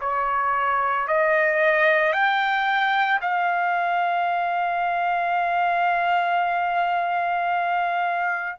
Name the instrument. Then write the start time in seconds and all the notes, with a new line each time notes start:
trumpet
0.00 C#5
1.07 D#5
2.13 G5
3.21 F5